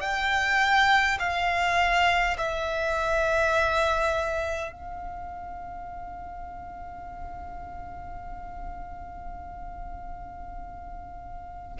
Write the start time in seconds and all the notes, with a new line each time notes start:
0.00 G5
1.19 F5
2.37 E5
4.72 F5